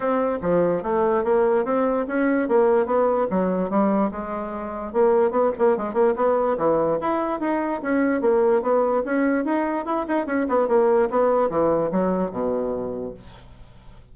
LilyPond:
\new Staff \with { instrumentName = "bassoon" } { \time 4/4 \tempo 4 = 146 c'4 f4 a4 ais4 | c'4 cis'4 ais4 b4 | fis4 g4 gis2 | ais4 b8 ais8 gis8 ais8 b4 |
e4 e'4 dis'4 cis'4 | ais4 b4 cis'4 dis'4 | e'8 dis'8 cis'8 b8 ais4 b4 | e4 fis4 b,2 | }